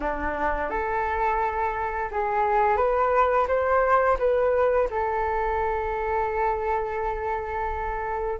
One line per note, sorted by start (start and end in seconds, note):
0.00 0.69 D4
0.70 2.09 A4
2.11 2.77 G#4
2.77 3.46 B4
3.47 4.17 C5
4.18 4.88 B4
4.90 8.39 A4